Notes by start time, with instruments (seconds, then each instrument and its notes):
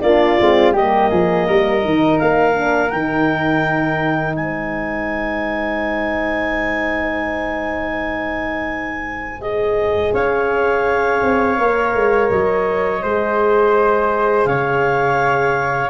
0.00 tuba A#3, horn D4, flute F4, clarinet D5
0.40 tuba G#3, horn C4
0.72 tuba G3, horn A#3, flute G4, clarinet D#5
1.10 tuba F3, flute G#4
1.47 tuba G3, flute A#4
1.81 tuba D#3, horn D#4
2.19 tuba A#3, clarinet F5
2.54 horn D4
2.90 tuba D#3, horn D#4, clarinet G5
4.35 tuba G#3, flute C5, clarinet G#5
9.40 horn G#4, clarinet D#5
10.13 tuba C#4, flute C#5, clarinet F5
11.22 tuba C4
11.58 tuba A#3, horn A#4
11.94 tuba G#3
12.30 tuba F#3, clarinet D#5
13.03 tuba G#3, horn G#4, flute C5
14.45 tuba C#3, flute C#5, clarinet F5